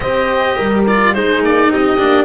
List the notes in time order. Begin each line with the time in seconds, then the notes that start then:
0.00 C4 G4 C5 D#5
0.56 G3 A#4
0.87 F4 D5
1.13 G#3 D#4 G#4 C5
1.41 A#3 D5
1.69 C4 G4 D#5
1.98 A#3 D4